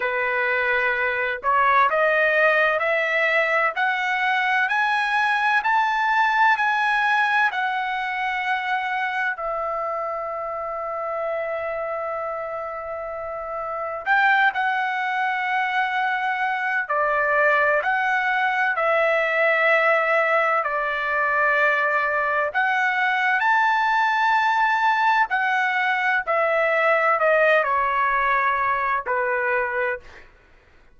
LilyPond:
\new Staff \with { instrumentName = "trumpet" } { \time 4/4 \tempo 4 = 64 b'4. cis''8 dis''4 e''4 | fis''4 gis''4 a''4 gis''4 | fis''2 e''2~ | e''2. g''8 fis''8~ |
fis''2 d''4 fis''4 | e''2 d''2 | fis''4 a''2 fis''4 | e''4 dis''8 cis''4. b'4 | }